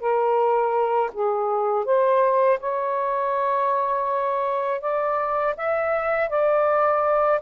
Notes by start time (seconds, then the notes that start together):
0.00 A#4
1.13 G#4
1.86 C5
2.60 C#5
4.81 D5
5.58 E5
6.30 D5